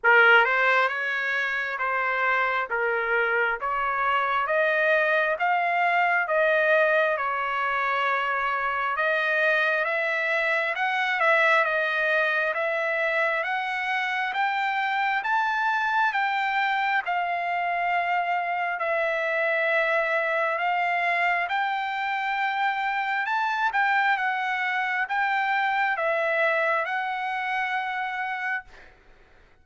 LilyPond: \new Staff \with { instrumentName = "trumpet" } { \time 4/4 \tempo 4 = 67 ais'8 c''8 cis''4 c''4 ais'4 | cis''4 dis''4 f''4 dis''4 | cis''2 dis''4 e''4 | fis''8 e''8 dis''4 e''4 fis''4 |
g''4 a''4 g''4 f''4~ | f''4 e''2 f''4 | g''2 a''8 g''8 fis''4 | g''4 e''4 fis''2 | }